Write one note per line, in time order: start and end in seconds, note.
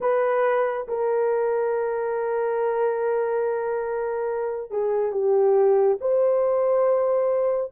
0.00 0.86 B4
0.88 4.70 A#4
4.70 5.12 G#4
5.12 5.97 G4
6.00 7.71 C5